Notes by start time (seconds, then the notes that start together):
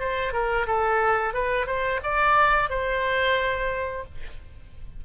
0.00 C5
0.33 A#4
0.67 A4
1.34 B4
1.67 C5
2.04 D5
2.70 C5